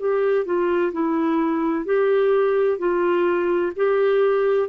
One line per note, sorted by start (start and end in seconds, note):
0.00 0.45 G4
0.45 0.92 F4
0.92 1.85 E4
1.85 2.79 G4
2.79 3.72 F4
3.76 4.69 G4